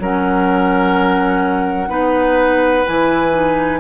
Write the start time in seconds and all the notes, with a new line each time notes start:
0.00 F#3 C#4 A#4 F#5
1.88 B3 D#4 B4
2.86 E3 E4 G#5
3.32 D#4